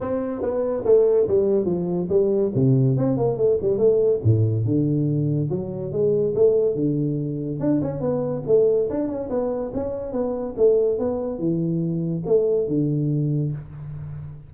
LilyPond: \new Staff \with { instrumentName = "tuba" } { \time 4/4 \tempo 4 = 142 c'4 b4 a4 g4 | f4 g4 c4 c'8 ais8 | a8 g8 a4 a,4 d4~ | d4 fis4 gis4 a4 |
d2 d'8 cis'8 b4 | a4 d'8 cis'8 b4 cis'4 | b4 a4 b4 e4~ | e4 a4 d2 | }